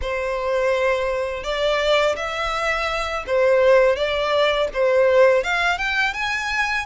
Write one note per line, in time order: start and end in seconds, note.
0.01 1.43 C5
1.43 2.15 D5
2.16 3.24 E5
3.27 3.96 C5
3.96 4.68 D5
4.73 5.43 C5
5.43 5.78 F5
5.78 6.13 G5
6.13 6.85 G#5